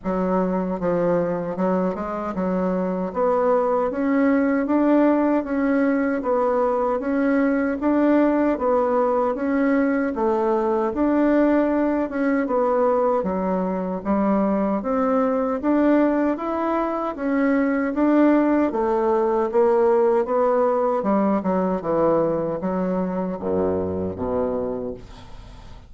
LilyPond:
\new Staff \with { instrumentName = "bassoon" } { \time 4/4 \tempo 4 = 77 fis4 f4 fis8 gis8 fis4 | b4 cis'4 d'4 cis'4 | b4 cis'4 d'4 b4 | cis'4 a4 d'4. cis'8 |
b4 fis4 g4 c'4 | d'4 e'4 cis'4 d'4 | a4 ais4 b4 g8 fis8 | e4 fis4 fis,4 b,4 | }